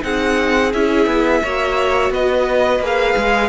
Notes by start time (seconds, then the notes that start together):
0.00 C4 D#4 G#4 F#5
0.73 C#4 E4 E5
1.06 B3
1.42 A#3 F#4 C#5
2.10 B3 B4 D#5
2.79 A#3 G#4
2.86 F5
3.16 G#3